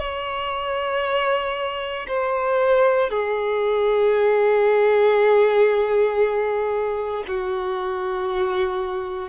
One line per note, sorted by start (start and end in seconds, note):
0.00 2.07 C#5
2.08 3.11 C5
3.11 7.25 G#4
7.28 9.30 F#4